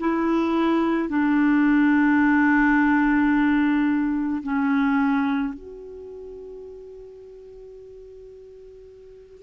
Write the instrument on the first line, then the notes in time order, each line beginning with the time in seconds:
clarinet
0.00 E4
1.09 D4
4.43 C#4
5.54 F#4